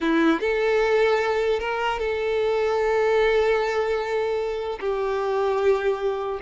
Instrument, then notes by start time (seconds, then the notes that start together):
violin
0.00 E4
0.40 A4
1.59 A#4
1.99 A4
4.79 G4